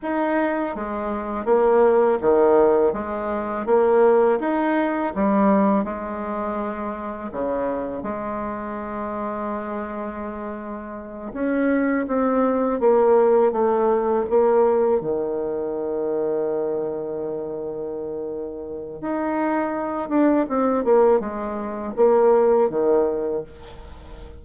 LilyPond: \new Staff \with { instrumentName = "bassoon" } { \time 4/4 \tempo 4 = 82 dis'4 gis4 ais4 dis4 | gis4 ais4 dis'4 g4 | gis2 cis4 gis4~ | gis2.~ gis8 cis'8~ |
cis'8 c'4 ais4 a4 ais8~ | ais8 dis2.~ dis8~ | dis2 dis'4. d'8 | c'8 ais8 gis4 ais4 dis4 | }